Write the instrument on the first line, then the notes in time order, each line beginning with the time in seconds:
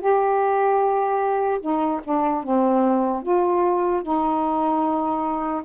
saxophone
0.00 G4
1.60 D#4
2.04 D4
2.43 C4
3.23 F4
4.03 D#4